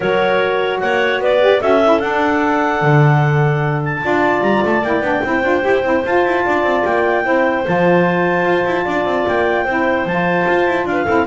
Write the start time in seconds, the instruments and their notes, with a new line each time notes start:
0.00 double bass F#3, saxophone F#4, clarinet A#4 C#5
0.80 double bass A#3, clarinet C#5 F#5
1.19 double bass B3, clarinet B4 D5
1.40 saxophone G4
1.60 double bass C#4, saxophone F#4, clarinet A4 E5
1.84 saxophone E4
2.00 double bass D4, saxophone D4, clarinet F#5
2.81 double bass D3
3.84 clarinet A5
4.01 double bass D4, saxophone F4, clarinet D5
4.40 double bass G3, clarinet A#5
4.64 double bass A3, clarinet A5
4.82 double bass A#3, saxophone E4, clarinet G5
5.00 double bass B3, saxophone D4
5.23 double bass C4, saxophone E4, clarinet C5
5.42 double bass D4, saxophone F4
5.61 double bass E4, saxophone G4
5.83 double bass C4, saxophone E4
6.05 double bass F4, saxophone F4, clarinet A5
6.25 double bass E4
6.44 double bass D4, clarinet D5
6.63 double bass C4
6.85 double bass A#3, clarinet G5
7.23 double bass C4, saxophone E4, clarinet C5
7.65 double bass F3, saxophone F4, clarinet A5
8.44 double bass F4
8.65 double bass E4
8.84 double bass D4, clarinet D5
9.05 double bass C4
9.28 double bass A#3, clarinet G5
9.64 double bass C4, saxophone E4, clarinet C5
10.05 double bass F3, saxophone F4, clarinet A5
10.47 double bass F4
10.67 double bass E4
10.85 double bass D4, clarinet F5
10.91 clarinet B4
11.05 double bass C4, saxophone E4, clarinet A4